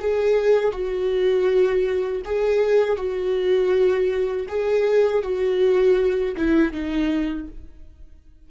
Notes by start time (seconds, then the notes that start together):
0.00 G#4
0.72 F#4
2.25 G#4
2.97 F#4
4.48 G#4
5.23 F#4
6.36 E4
6.72 D#4